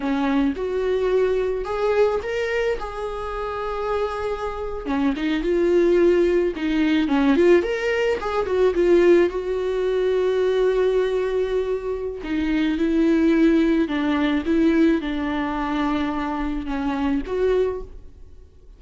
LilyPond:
\new Staff \with { instrumentName = "viola" } { \time 4/4 \tempo 4 = 108 cis'4 fis'2 gis'4 | ais'4 gis'2.~ | gis'8. cis'8 dis'8 f'2 dis'16~ | dis'8. cis'8 f'8 ais'4 gis'8 fis'8 f'16~ |
f'8. fis'2.~ fis'16~ | fis'2 dis'4 e'4~ | e'4 d'4 e'4 d'4~ | d'2 cis'4 fis'4 | }